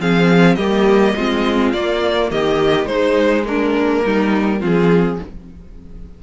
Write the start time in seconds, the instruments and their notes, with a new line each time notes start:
0.00 cello F3, viola C4, violin G#4 F5
0.55 cello G3, viola A#3, violin G4 D#5
1.16 cello G#3, viola C4, violin F4
1.73 cello A#3, viola A#3, violin D5
2.31 cello D#3, violin G4 D#5
2.86 cello G#3, violin D#4 C5
2.93 viola G#3
3.45 viola A#3, violin D4 A#4
4.05 cello G3, violin D#4
4.60 cello F3, viola C4, violin F4 G#4